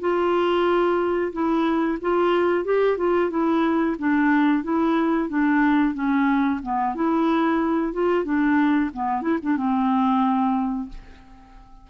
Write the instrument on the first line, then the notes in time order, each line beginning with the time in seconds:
clarinet
0.00 F4
1.32 E4
2.01 F4
2.65 G4
2.97 F4
3.30 E4
3.98 D4
4.63 E4
5.29 D4
5.94 C#4
6.62 B3
6.95 E4
7.93 F4
8.24 D4
8.93 B3
9.22 E4
9.42 D4
9.57 C4